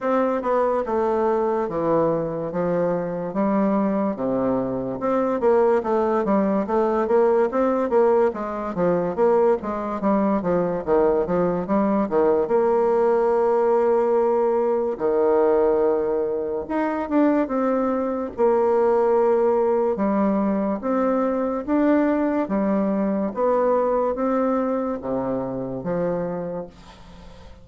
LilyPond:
\new Staff \with { instrumentName = "bassoon" } { \time 4/4 \tempo 4 = 72 c'8 b8 a4 e4 f4 | g4 c4 c'8 ais8 a8 g8 | a8 ais8 c'8 ais8 gis8 f8 ais8 gis8 | g8 f8 dis8 f8 g8 dis8 ais4~ |
ais2 dis2 | dis'8 d'8 c'4 ais2 | g4 c'4 d'4 g4 | b4 c'4 c4 f4 | }